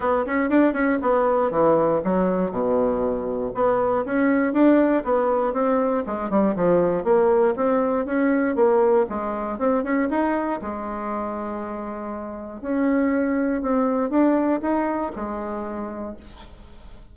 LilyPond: \new Staff \with { instrumentName = "bassoon" } { \time 4/4 \tempo 4 = 119 b8 cis'8 d'8 cis'8 b4 e4 | fis4 b,2 b4 | cis'4 d'4 b4 c'4 | gis8 g8 f4 ais4 c'4 |
cis'4 ais4 gis4 c'8 cis'8 | dis'4 gis2.~ | gis4 cis'2 c'4 | d'4 dis'4 gis2 | }